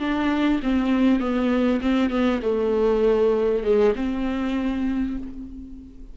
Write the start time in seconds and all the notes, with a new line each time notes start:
0.00 D4
0.63 C4
1.20 B3
1.82 C4
2.10 B3
2.43 A3
3.64 G#3
3.96 C4